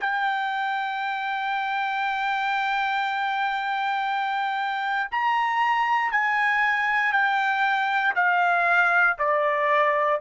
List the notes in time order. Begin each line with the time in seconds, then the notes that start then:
0.00 G5
5.11 A#5
6.12 G#5
7.12 G5
8.15 F5
9.18 D5